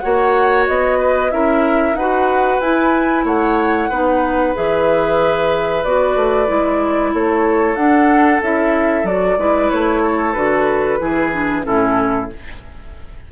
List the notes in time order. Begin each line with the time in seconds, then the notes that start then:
0.00 A#3 F#4 C#5 F#5
0.67 B3 D#5
0.99 B4
1.31 C#4 E4 A#4 E5
1.93 D#4 B4 F#5
2.00 F#4
2.61 E4 G#5
3.25 A3 C#5 F#5
3.90 B3 D#4 B4
4.54 E3 G#4 E5
5.84 B3 F#4 D5
6.16 A3
6.47 G#3 E4
7.14 A3 A4 C#5
7.76 D4 F#5
8.42 C#4 E4 E5
9.04 F#3 F#4 D5
9.38 G#3 E4 B4
9.71 A3 C#5
10.02 A4
10.34 D3 F#4 B4
11.00 E3 E4 G#4
11.32 D4
11.63 A2 C#4 E4 A4